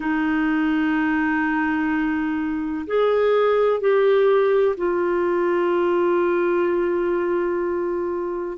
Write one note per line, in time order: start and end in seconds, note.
0.00 2.86 D#4
2.87 3.80 G#4
3.80 4.75 G4
4.77 8.57 F4